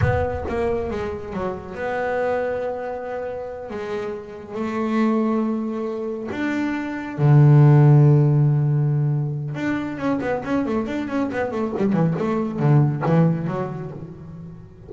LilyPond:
\new Staff \with { instrumentName = "double bass" } { \time 4/4 \tempo 4 = 138 b4 ais4 gis4 fis4 | b1~ | b8 gis2 a4.~ | a2~ a8 d'4.~ |
d'8 d2.~ d8~ | d2 d'4 cis'8 b8 | cis'8 a8 d'8 cis'8 b8 a8 g8 e8 | a4 d4 e4 fis4 | }